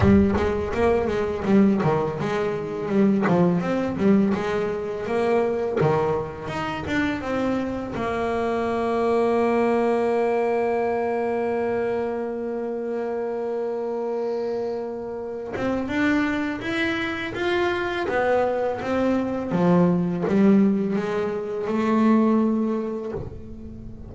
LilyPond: \new Staff \with { instrumentName = "double bass" } { \time 4/4 \tempo 4 = 83 g8 gis8 ais8 gis8 g8 dis8 gis4 | g8 f8 c'8 g8 gis4 ais4 | dis4 dis'8 d'8 c'4 ais4~ | ais1~ |
ais1~ | ais4. c'8 d'4 e'4 | f'4 b4 c'4 f4 | g4 gis4 a2 | }